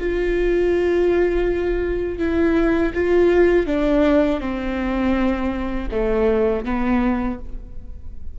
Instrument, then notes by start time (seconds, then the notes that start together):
viola
0.00 F4
2.19 E4
2.94 F4
3.67 D4
4.41 C4
5.91 A3
6.65 B3